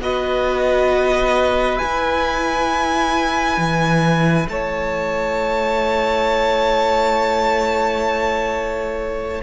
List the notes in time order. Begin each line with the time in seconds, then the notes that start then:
0.00 B3 F#4 B4 D#5
1.78 E4 G#5
3.57 E3
4.49 A3 C#5 A5